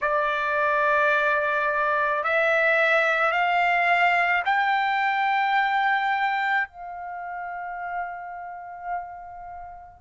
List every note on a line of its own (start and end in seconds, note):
0.01 2.23 D5
2.23 3.31 E5
3.31 4.42 F5
4.45 6.67 G5
6.67 10.01 F5